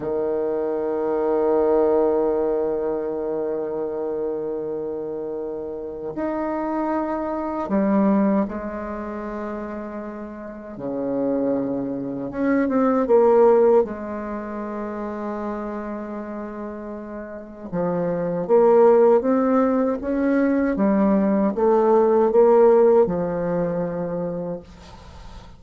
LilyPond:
\new Staff \with { instrumentName = "bassoon" } { \time 4/4 \tempo 4 = 78 dis1~ | dis1 | dis'2 g4 gis4~ | gis2 cis2 |
cis'8 c'8 ais4 gis2~ | gis2. f4 | ais4 c'4 cis'4 g4 | a4 ais4 f2 | }